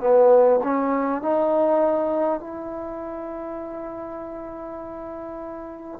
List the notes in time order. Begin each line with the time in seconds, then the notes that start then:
0.00 B3
0.63 C#4
1.22 D#4
2.40 E4